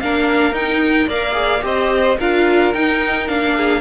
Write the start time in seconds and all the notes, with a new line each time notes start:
0.00 A#3 D4 A#4 F5
0.52 D#4 G5
1.07 A#3 A#4 D5 F5
1.32 G#4
1.61 C4 G4 C5 D#5
2.19 D4 F4 A#4 F5
2.73 D#4 G5
3.27 A#3 D4 F5
3.56 G#4